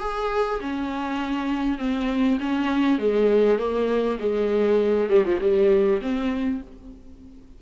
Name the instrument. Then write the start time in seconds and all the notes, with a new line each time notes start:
viola
0.00 G#4
0.61 C#4
1.78 C4
2.40 C#4
2.99 G#3
3.59 A#3
4.20 G#3
5.10 G3
5.25 F3
5.41 G3
6.02 C4